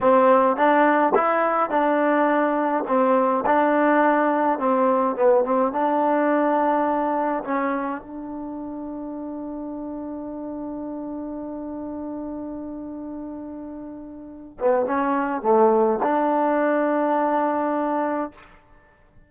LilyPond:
\new Staff \with { instrumentName = "trombone" } { \time 4/4 \tempo 4 = 105 c'4 d'4 e'4 d'4~ | d'4 c'4 d'2 | c'4 b8 c'8 d'2~ | d'4 cis'4 d'2~ |
d'1~ | d'1~ | d'4. b8 cis'4 a4 | d'1 | }